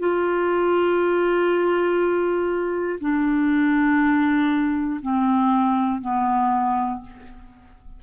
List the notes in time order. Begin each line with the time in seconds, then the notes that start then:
0.00 F4
3.01 D4
5.02 C4
6.02 B3